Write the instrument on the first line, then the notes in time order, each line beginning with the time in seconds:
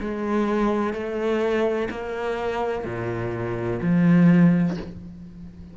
cello
0.00 G#3
0.94 A3
1.90 A#3
2.84 A#2
3.82 F3